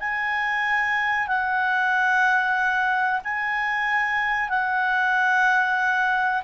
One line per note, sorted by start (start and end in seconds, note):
0.00 1.28 G#5
1.28 3.21 F#5
3.24 4.50 G#5
4.50 6.43 F#5